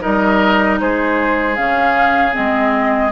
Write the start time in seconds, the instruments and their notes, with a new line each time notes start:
0.00 bassoon G3, clarinet D#4, oboe A#4, flute D#5
0.80 bassoon G#3, oboe G#4, flute C5
1.56 bassoon C#3, clarinet C#4, flute F5
2.33 bassoon G#3, clarinet C4, flute D#5